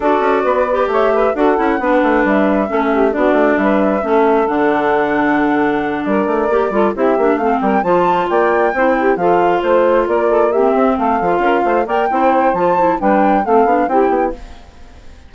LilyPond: <<
  \new Staff \with { instrumentName = "flute" } { \time 4/4 \tempo 4 = 134 d''2 e''4 fis''4~ | fis''4 e''2 d''4 | e''2 fis''2~ | fis''4. d''2 e''8~ |
e''8 f''8 g''8 a''4 g''4.~ | g''8 f''4 c''4 d''4 e''8~ | e''8 f''2 g''4. | a''4 g''4 f''4 g''4 | }
  \new Staff \with { instrumentName = "saxophone" } { \time 4/4 a'4 b'4 cis''8 b'8 a'4 | b'2 a'8 g'8 fis'4 | b'4 a'2.~ | a'4. ais'4. a'8 g'8~ |
g'8 a'8 ais'8 c''4 d''4 c''8 | g'8 a'4 c''4 ais'8 a'8 g'8~ | g'8 a'4 ais'8 c''8 d''8 c''4~ | c''4 b'4 a'4 g'4 | }
  \new Staff \with { instrumentName = "clarinet" } { \time 4/4 fis'4. g'4. fis'8 e'8 | d'2 cis'4 d'4~ | d'4 cis'4 d'2~ | d'2~ d'8 g'8 f'8 e'8 |
d'8 c'4 f'2 e'8~ | e'8 f'2. c'8~ | c'4 f'4. ais'8 e'4 | f'8 e'8 d'4 c'8 d'8 e'4 | }
  \new Staff \with { instrumentName = "bassoon" } { \time 4/4 d'8 cis'8 b4 a4 d'8 cis'8 | b8 a8 g4 a4 b8 a8 | g4 a4 d2~ | d4. g8 a8 ais8 g8 c'8 |
ais8 a8 g8 f4 ais4 c'8~ | c'8 f4 a4 ais4. | c'8 a8 f8 cis'8 a8 ais8 c'4 | f4 g4 a8 b8 c'8 b8 | }
>>